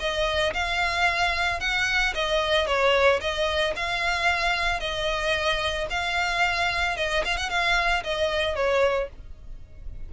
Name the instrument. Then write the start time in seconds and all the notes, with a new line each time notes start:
violin
0.00 D#5
0.54 F5
1.60 F#5
2.15 D#5
2.67 C#5
3.21 D#5
3.77 F5
4.80 D#5
5.91 F5
6.97 D#5
7.25 F5
7.38 F#5
7.50 F5
8.04 D#5
8.56 C#5